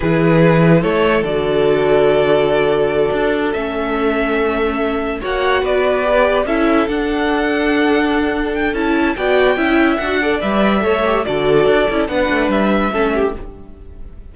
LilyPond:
<<
  \new Staff \with { instrumentName = "violin" } { \time 4/4 \tempo 4 = 144 b'2 cis''4 d''4~ | d''1~ | d''8 e''2.~ e''8~ | e''8 fis''4 d''2 e''8~ |
e''8 fis''2.~ fis''8~ | fis''8 g''8 a''4 g''2 | fis''4 e''2 d''4~ | d''4 fis''4 e''2 | }
  \new Staff \with { instrumentName = "violin" } { \time 4/4 gis'2 a'2~ | a'1~ | a'1~ | a'8 cis''4 b'2 a'8~ |
a'1~ | a'2 d''4 e''4~ | e''8 d''4. cis''4 a'4~ | a'4 b'2 a'8 g'8 | }
  \new Staff \with { instrumentName = "viola" } { \time 4/4 e'2. fis'4~ | fis'1~ | fis'8 cis'2.~ cis'8~ | cis'8 fis'2 g'4 e'8~ |
e'8 d'2.~ d'8~ | d'4 e'4 fis'4 e'4 | fis'8 a'8 b'4 a'8 g'8 fis'4~ | fis'8 e'8 d'2 cis'4 | }
  \new Staff \with { instrumentName = "cello" } { \time 4/4 e2 a4 d4~ | d2.~ d8 d'8~ | d'8 a2.~ a8~ | a8 ais4 b2 cis'8~ |
cis'8 d'2.~ d'8~ | d'4 cis'4 b4 cis'4 | d'4 g4 a4 d4 | d'8 cis'8 b8 a8 g4 a4 | }
>>